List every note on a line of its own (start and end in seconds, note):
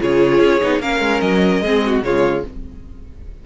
0.00 0.40 C#3
0.00 0.61 F4
0.00 0.82 G#4
0.00 0.81 C#5
0.40 0.60 C#4
0.61 0.80 B3
0.61 0.81 D#4
0.80 1.00 A#3
0.80 1.63 C#4
0.80 1.63 A#4
0.80 1.20 F5
1.00 1.20 G#3
1.20 1.61 F#3
1.20 2.02 D#5
1.61 2.01 G#3
1.61 2.03 C4
1.61 1.84 G#4
1.86 2.05 F#4
2.02 2.43 C#3
2.02 2.44 G#3
2.02 2.46 F4
2.02 2.44 C#5